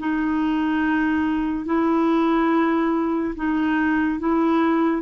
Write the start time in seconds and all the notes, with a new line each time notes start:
0.00 D#4
1.66 E4
3.36 D#4
4.20 E4